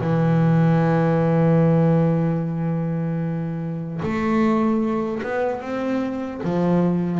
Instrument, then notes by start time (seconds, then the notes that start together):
double bass
0.00 E3
4.02 A3
5.23 B3
5.61 C4
6.43 F3